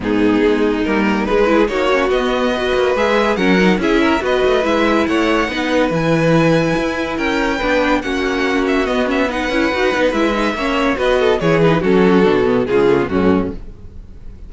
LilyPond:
<<
  \new Staff \with { instrumentName = "violin" } { \time 4/4 \tempo 4 = 142 gis'2 ais'4 b'4 | cis''4 dis''2 e''4 | fis''4 e''4 dis''4 e''4 | fis''2 gis''2~ |
gis''4 g''2 fis''4~ | fis''8 e''8 dis''8 e''8 fis''2 | e''2 dis''4 cis''8 b'8 | a'2 gis'4 fis'4 | }
  \new Staff \with { instrumentName = "violin" } { \time 4/4 dis'2.~ dis'8 gis'8 | fis'2 b'2 | ais'4 gis'8 ais'8 b'2 | cis''4 b'2.~ |
b'4 ais'4 b'4 fis'4~ | fis'2 b'2~ | b'4 cis''4 b'8 a'8 gis'4 | fis'2 f'4 cis'4 | }
  \new Staff \with { instrumentName = "viola" } { \time 4/4 b2 ais4 gis8 e'8 | dis'8 cis'8 b4 fis'4 gis'4 | cis'8 dis'8 e'4 fis'4 e'4~ | e'4 dis'4 e'2~ |
e'2 d'4 cis'4~ | cis'4 b8 cis'8 dis'8 e'8 fis'8 dis'8 | e'8 dis'8 cis'4 fis'4 e'8 dis'8 | cis'4 d'8 b8 gis8 a16 b16 a4 | }
  \new Staff \with { instrumentName = "cello" } { \time 4/4 gis,4 gis4 g4 gis4 | ais4 b4. ais8 gis4 | fis4 cis'4 b8 a8 gis4 | a4 b4 e2 |
e'4 cis'4 b4 ais4~ | ais4 b4. cis'8 dis'8 b8 | gis4 ais4 b4 e4 | fis4 b,4 cis4 fis,4 | }
>>